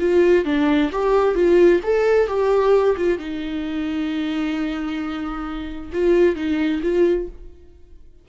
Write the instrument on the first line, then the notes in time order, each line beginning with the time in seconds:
viola
0.00 F4
0.45 D4
0.92 G4
1.35 F4
1.83 A4
2.28 G4
2.97 F4
3.19 D#4
5.93 F4
6.36 D#4
6.83 F4